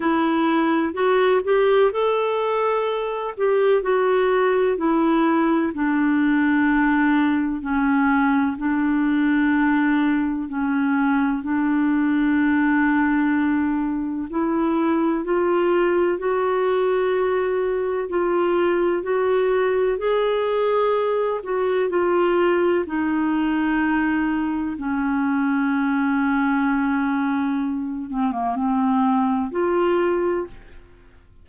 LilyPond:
\new Staff \with { instrumentName = "clarinet" } { \time 4/4 \tempo 4 = 63 e'4 fis'8 g'8 a'4. g'8 | fis'4 e'4 d'2 | cis'4 d'2 cis'4 | d'2. e'4 |
f'4 fis'2 f'4 | fis'4 gis'4. fis'8 f'4 | dis'2 cis'2~ | cis'4. c'16 ais16 c'4 f'4 | }